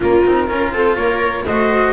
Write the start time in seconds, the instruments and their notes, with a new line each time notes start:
0.00 double bass A#3, cello C#4, viola F4, flute A#4
0.25 double bass C4, cello D#4
0.47 double bass C#4, cello F4, viola A#4
0.71 double bass C4, viola A4, flute C5
0.96 double bass A#3, viola A#4, flute C#5
1.45 double bass A3, cello F#4, viola C5, flute D#5